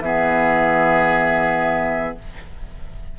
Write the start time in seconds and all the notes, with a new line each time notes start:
0.00 E3 B3 G#4 E5